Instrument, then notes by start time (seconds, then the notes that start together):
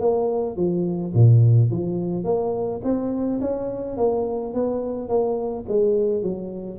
tuba
0.00 A#3
0.56 F3
1.14 A#2
1.70 F3
2.24 A#3
2.84 C4
3.41 C#4
3.97 A#3
4.53 B3
5.08 A#3
5.68 G#3
6.23 F#3